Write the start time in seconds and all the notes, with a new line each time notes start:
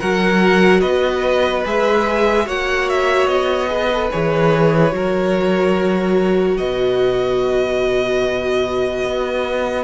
0.00 F#3 F#4 A#4 F#5
0.80 B3 B4 D#5
1.65 G#3 G#4 E5
2.46 A#3 F#4 C#5 F#5
2.89 E5
3.27 B3 D#5
3.67 G#4 B4
3.93 A4
4.11 E3 G#4 C#5
4.91 F#3 F#4 A#4
6.58 B2 B4 D#5
9.04 B3